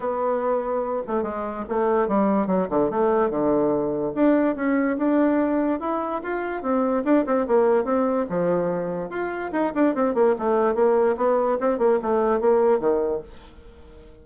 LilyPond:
\new Staff \with { instrumentName = "bassoon" } { \time 4/4 \tempo 4 = 145 b2~ b8 a8 gis4 | a4 g4 fis8 d8 a4 | d2 d'4 cis'4 | d'2 e'4 f'4 |
c'4 d'8 c'8 ais4 c'4 | f2 f'4 dis'8 d'8 | c'8 ais8 a4 ais4 b4 | c'8 ais8 a4 ais4 dis4 | }